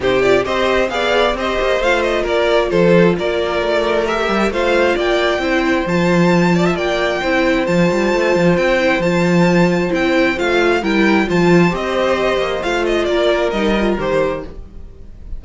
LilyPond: <<
  \new Staff \with { instrumentName = "violin" } { \time 4/4 \tempo 4 = 133 c''8 d''8 dis''4 f''4 dis''4 | f''8 dis''8 d''4 c''4 d''4~ | d''4 e''4 f''4 g''4~ | g''4 a''2 g''4~ |
g''4 a''2 g''4 | a''2 g''4 f''4 | g''4 a''4 dis''2 | f''8 dis''8 d''4 dis''4 c''4 | }
  \new Staff \with { instrumentName = "violin" } { \time 4/4 g'4 c''4 d''4 c''4~ | c''4 ais'4 a'4 ais'4~ | ais'2 c''4 d''4 | c''2~ c''8 d''16 e''16 d''4 |
c''1~ | c''1 | ais'4 c''2.~ | c''4 ais'2. | }
  \new Staff \with { instrumentName = "viola" } { \time 4/4 dis'8 f'8 g'4 gis'4 g'4 | f'1~ | f'4 g'4 f'2 | e'4 f'2. |
e'4 f'2~ f'8 e'8 | f'2 e'4 f'4 | e'4 f'4 g'2 | f'2 dis'8 f'8 g'4 | }
  \new Staff \with { instrumentName = "cello" } { \time 4/4 c4 c'4 b4 c'8 ais8 | a4 ais4 f4 ais4 | a4. g8 a4 ais4 | c'4 f2 ais4 |
c'4 f8 g8 a8 f8 c'4 | f2 c'4 a4 | g4 f4 c'4. ais8 | a4 ais4 g4 dis4 | }
>>